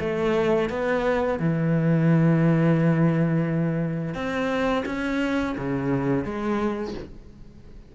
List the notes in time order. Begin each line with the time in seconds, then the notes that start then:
0.00 A3
0.69 B3
1.39 E3
4.14 C4
4.86 C#4
5.57 C#3
6.24 G#3